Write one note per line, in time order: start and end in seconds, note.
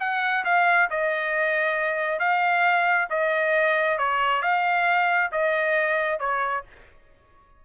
0.00 0.44 F#5
0.45 0.89 F5
0.91 2.20 D#5
2.20 3.08 F5
3.10 3.98 D#5
3.98 4.42 C#5
4.42 5.31 F5
5.32 6.20 D#5
6.20 6.64 C#5